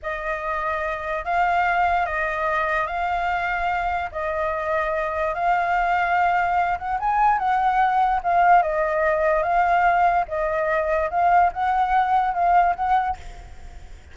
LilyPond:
\new Staff \with { instrumentName = "flute" } { \time 4/4 \tempo 4 = 146 dis''2. f''4~ | f''4 dis''2 f''4~ | f''2 dis''2~ | dis''4 f''2.~ |
f''8 fis''8 gis''4 fis''2 | f''4 dis''2 f''4~ | f''4 dis''2 f''4 | fis''2 f''4 fis''4 | }